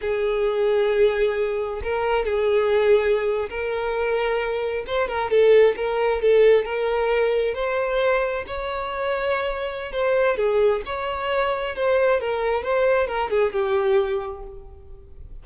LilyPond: \new Staff \with { instrumentName = "violin" } { \time 4/4 \tempo 4 = 133 gis'1 | ais'4 gis'2~ gis'8. ais'16~ | ais'2~ ais'8. c''8 ais'8 a'16~ | a'8. ais'4 a'4 ais'4~ ais'16~ |
ais'8. c''2 cis''4~ cis''16~ | cis''2 c''4 gis'4 | cis''2 c''4 ais'4 | c''4 ais'8 gis'8 g'2 | }